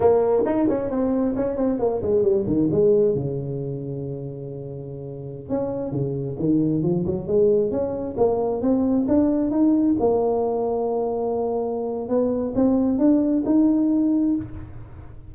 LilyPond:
\new Staff \with { instrumentName = "tuba" } { \time 4/4 \tempo 4 = 134 ais4 dis'8 cis'8 c'4 cis'8 c'8 | ais8 gis8 g8 dis8 gis4 cis4~ | cis1~ | cis16 cis'4 cis4 dis4 f8 fis16~ |
fis16 gis4 cis'4 ais4 c'8.~ | c'16 d'4 dis'4 ais4.~ ais16~ | ais2. b4 | c'4 d'4 dis'2 | }